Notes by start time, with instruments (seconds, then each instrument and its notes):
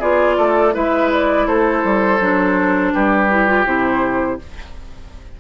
0.00 bassoon B3, clarinet F4, oboe G#4, flute D5
0.38 bassoon A3, oboe A4
0.73 bassoon G#3, clarinet E4, oboe B4, flute E5
1.12 flute D5
1.47 bassoon A3, oboe A4, flute C5
1.84 bassoon G3
2.20 bassoon F#3, clarinet D4
2.93 bassoon G3, oboe G4, flute B4
3.31 clarinet E4
3.47 clarinet F4
3.65 bassoon C3, clarinet E4, flute C5